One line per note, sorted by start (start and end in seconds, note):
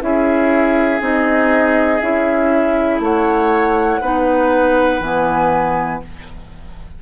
0.00 1.00 C#4
0.00 0.99 E4
0.00 3.03 G#4
0.00 1.01 E5
0.99 2.00 C4
0.99 1.99 D#4
0.99 2.00 D#5
2.00 3.00 C#4
2.00 4.01 E4
2.00 3.00 E5
3.00 4.00 A3
3.00 4.01 C#5
3.00 5.02 F#5
4.01 5.00 B3
4.01 5.02 D#4
4.01 6.01 B4
5.00 6.00 E3
5.00 6.02 B3
5.00 6.02 G#5